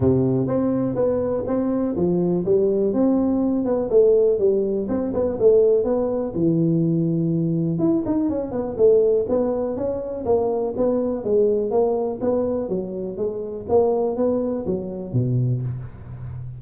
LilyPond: \new Staff \with { instrumentName = "tuba" } { \time 4/4 \tempo 4 = 123 c4 c'4 b4 c'4 | f4 g4 c'4. b8 | a4 g4 c'8 b8 a4 | b4 e2. |
e'8 dis'8 cis'8 b8 a4 b4 | cis'4 ais4 b4 gis4 | ais4 b4 fis4 gis4 | ais4 b4 fis4 b,4 | }